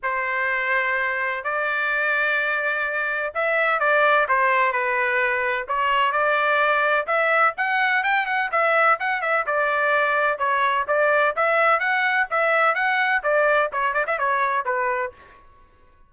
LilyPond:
\new Staff \with { instrumentName = "trumpet" } { \time 4/4 \tempo 4 = 127 c''2. d''4~ | d''2. e''4 | d''4 c''4 b'2 | cis''4 d''2 e''4 |
fis''4 g''8 fis''8 e''4 fis''8 e''8 | d''2 cis''4 d''4 | e''4 fis''4 e''4 fis''4 | d''4 cis''8 d''16 e''16 cis''4 b'4 | }